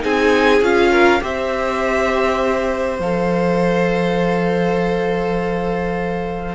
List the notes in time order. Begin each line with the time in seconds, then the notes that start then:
0.00 C4 D#4 G#4 G#5
0.61 C#4 F4 F5
0.91 A#4
1.20 C4 G4 C5 E5
2.99 F3 A4 F5